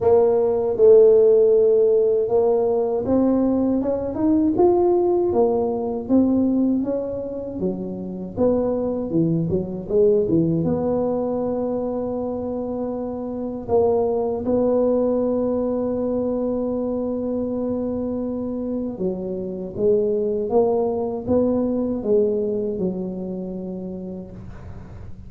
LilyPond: \new Staff \with { instrumentName = "tuba" } { \time 4/4 \tempo 4 = 79 ais4 a2 ais4 | c'4 cis'8 dis'8 f'4 ais4 | c'4 cis'4 fis4 b4 | e8 fis8 gis8 e8 b2~ |
b2 ais4 b4~ | b1~ | b4 fis4 gis4 ais4 | b4 gis4 fis2 | }